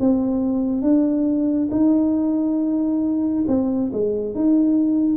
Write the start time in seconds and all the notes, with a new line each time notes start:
0.00 C4
0.82 D4
1.71 D#4
3.48 C4
3.93 G#3
4.35 D#4